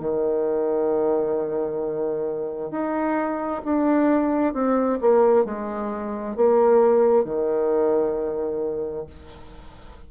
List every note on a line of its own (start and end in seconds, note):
0.00 2.71 D#3
2.71 3.62 D#4
3.64 4.54 D4
4.54 4.99 C4
5.01 5.45 A#3
5.45 6.36 G#3
6.37 7.25 A#3
7.25 9.07 D#3